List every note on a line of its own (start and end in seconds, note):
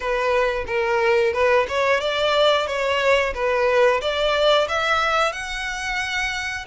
0.00 0.65 B4
0.67 1.33 A#4
1.33 1.66 B4
1.68 2.00 C#5
2.00 2.66 D5
2.66 3.33 C#5
3.34 4.01 B4
4.01 4.67 D5
4.68 5.32 E5
5.32 6.65 F#5